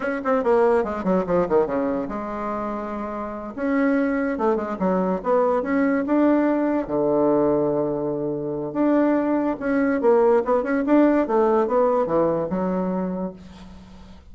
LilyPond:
\new Staff \with { instrumentName = "bassoon" } { \time 4/4 \tempo 4 = 144 cis'8 c'8 ais4 gis8 fis8 f8 dis8 | cis4 gis2.~ | gis8 cis'2 a8 gis8 fis8~ | fis8 b4 cis'4 d'4.~ |
d'8 d2.~ d8~ | d4 d'2 cis'4 | ais4 b8 cis'8 d'4 a4 | b4 e4 fis2 | }